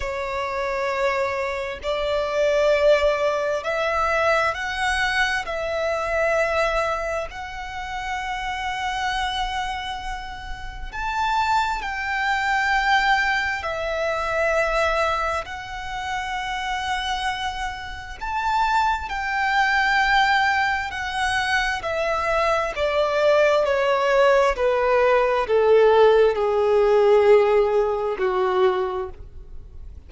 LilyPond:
\new Staff \with { instrumentName = "violin" } { \time 4/4 \tempo 4 = 66 cis''2 d''2 | e''4 fis''4 e''2 | fis''1 | a''4 g''2 e''4~ |
e''4 fis''2. | a''4 g''2 fis''4 | e''4 d''4 cis''4 b'4 | a'4 gis'2 fis'4 | }